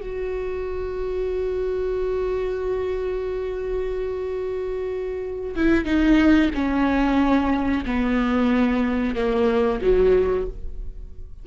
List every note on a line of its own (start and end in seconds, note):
0.00 5.54 F#4
5.55 5.84 E4
5.84 6.50 D#4
6.54 7.84 C#4
7.85 9.15 B3
9.15 9.80 A#3
9.81 10.46 F#3